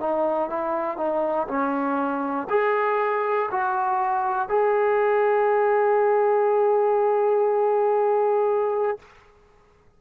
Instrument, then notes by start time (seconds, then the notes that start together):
trombone
0.00 D#4
0.50 E4
0.97 D#4
1.48 C#4
2.49 G#4
3.51 F#4
4.48 G#4